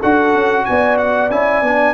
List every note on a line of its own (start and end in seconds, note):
0.00 0.35 D4
0.00 1.30 F#4
0.00 0.64 A4
0.00 0.65 F#5
0.35 0.67 C#4
0.65 1.31 B3
0.65 1.94 D5
0.65 0.97 G#5
0.98 1.30 F#5
1.31 1.62 C#4
1.31 1.63 E4
1.31 1.94 G#5
1.62 1.94 B3
1.62 1.94 D4